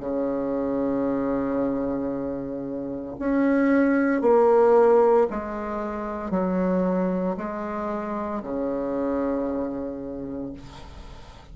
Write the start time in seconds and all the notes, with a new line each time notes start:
0.00 C#3
3.20 C#4
4.22 A#3
5.30 G#3
6.31 F#3
7.37 G#3
8.43 C#3